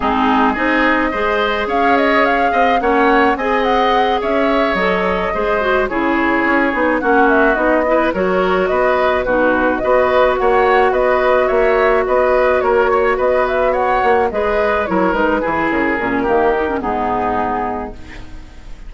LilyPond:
<<
  \new Staff \with { instrumentName = "flute" } { \time 4/4 \tempo 4 = 107 gis'4 dis''2 f''8 dis''8 | f''4 fis''4 gis''8 fis''4 e''8~ | e''8 dis''2 cis''4.~ | cis''8 fis''8 e''8 dis''4 cis''4 dis''8~ |
dis''8 b'4 dis''4 fis''4 dis''8~ | dis''8 e''4 dis''4 cis''4 dis''8 | e''8 fis''4 dis''4 cis''8 b'4 | ais'2 gis'2 | }
  \new Staff \with { instrumentName = "oboe" } { \time 4/4 dis'4 gis'4 c''4 cis''4~ | cis''8 dis''8 cis''4 dis''4. cis''8~ | cis''4. c''4 gis'4.~ | gis'8 fis'4. b'8 ais'4 b'8~ |
b'8 fis'4 b'4 cis''4 b'8~ | b'8 cis''4 b'4 ais'8 cis''8 b'8~ | b'8 cis''4 b'4 ais'4 gis'8~ | gis'4 g'4 dis'2 | }
  \new Staff \with { instrumentName = "clarinet" } { \time 4/4 c'4 dis'4 gis'2~ | gis'4 cis'4 gis'2~ | gis'8 a'4 gis'8 fis'8 e'4. | dis'8 cis'4 dis'8 e'8 fis'4.~ |
fis'8 dis'4 fis'2~ fis'8~ | fis'1~ | fis'4. gis'4 e'8 dis'8 e'8~ | e'8 cis'8 ais8 dis'16 cis'16 b2 | }
  \new Staff \with { instrumentName = "bassoon" } { \time 4/4 gis4 c'4 gis4 cis'4~ | cis'8 c'8 ais4 c'4. cis'8~ | cis'8 fis4 gis4 cis4 cis'8 | b8 ais4 b4 fis4 b8~ |
b8 b,4 b4 ais4 b8~ | b8 ais4 b4 ais4 b8~ | b4 ais8 gis4 fis8 gis8 e8 | cis8 ais,8 dis4 gis,2 | }
>>